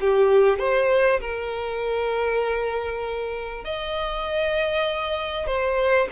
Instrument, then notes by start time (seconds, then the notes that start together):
violin
0.00 G4
0.59 C5
1.20 A#4
3.64 D#5
5.47 C5